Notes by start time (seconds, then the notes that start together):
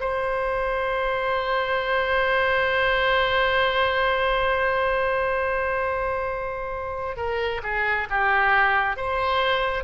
0.00 C5
7.16 A#4
7.62 G#4
8.09 G4
8.96 C5